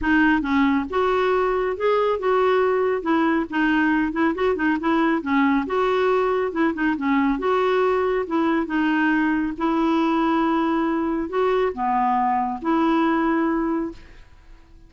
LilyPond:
\new Staff \with { instrumentName = "clarinet" } { \time 4/4 \tempo 4 = 138 dis'4 cis'4 fis'2 | gis'4 fis'2 e'4 | dis'4. e'8 fis'8 dis'8 e'4 | cis'4 fis'2 e'8 dis'8 |
cis'4 fis'2 e'4 | dis'2 e'2~ | e'2 fis'4 b4~ | b4 e'2. | }